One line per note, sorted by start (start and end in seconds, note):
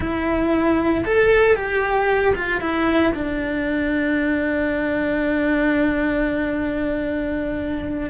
0.00 1.04 E4
1.04 1.55 A4
1.55 2.34 G4
2.35 2.60 F4
2.60 3.13 E4
3.14 8.10 D4